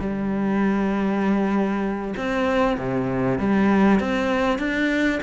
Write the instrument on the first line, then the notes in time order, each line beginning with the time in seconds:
cello
0.00 G3
2.17 C4
2.77 C3
3.38 G3
4.00 C4
4.59 D4